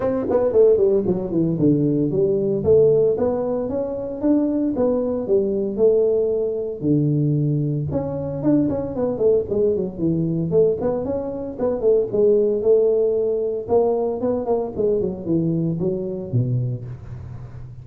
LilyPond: \new Staff \with { instrumentName = "tuba" } { \time 4/4 \tempo 4 = 114 c'8 b8 a8 g8 fis8 e8 d4 | g4 a4 b4 cis'4 | d'4 b4 g4 a4~ | a4 d2 cis'4 |
d'8 cis'8 b8 a8 gis8 fis8 e4 | a8 b8 cis'4 b8 a8 gis4 | a2 ais4 b8 ais8 | gis8 fis8 e4 fis4 b,4 | }